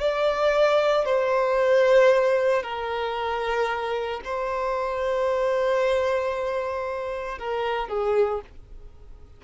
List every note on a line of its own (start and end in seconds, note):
0.00 1.05 D5
1.06 2.63 C5
2.63 4.21 A#4
4.24 7.39 C5
7.39 7.89 A#4
7.89 8.41 G#4